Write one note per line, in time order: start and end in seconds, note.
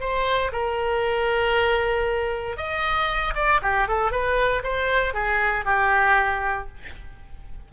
0.00 0.51 C5
0.52 2.57 A#4
2.57 3.34 D#5
3.35 3.60 D5
3.62 3.88 G4
3.88 4.11 A4
4.11 4.63 B4
4.63 5.14 C5
5.14 5.65 G#4
5.65 6.68 G4